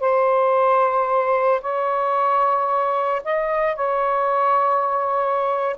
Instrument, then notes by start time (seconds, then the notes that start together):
saxophone
0.00 C5
1.61 C#5
3.24 D#5
3.75 C#5